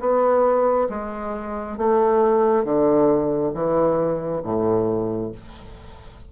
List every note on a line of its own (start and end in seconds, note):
0.00 0.88 B3
0.89 1.77 G#3
1.78 2.64 A3
2.64 3.53 D3
3.54 4.42 E3
4.43 5.31 A2